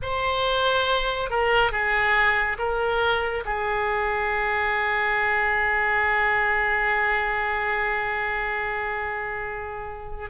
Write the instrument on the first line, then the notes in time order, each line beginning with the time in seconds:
oboe
0.02 C5
1.29 A#4
1.71 G#4
2.58 A#4
3.45 G#4